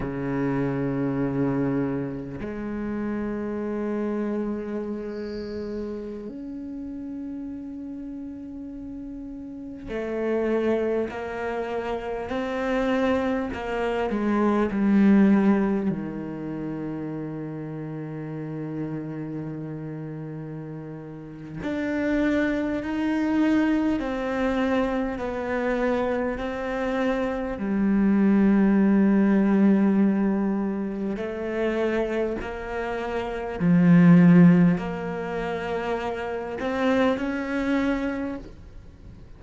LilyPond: \new Staff \with { instrumentName = "cello" } { \time 4/4 \tempo 4 = 50 cis2 gis2~ | gis4~ gis16 cis'2~ cis'8.~ | cis'16 a4 ais4 c'4 ais8 gis16~ | gis16 g4 dis2~ dis8.~ |
dis2 d'4 dis'4 | c'4 b4 c'4 g4~ | g2 a4 ais4 | f4 ais4. c'8 cis'4 | }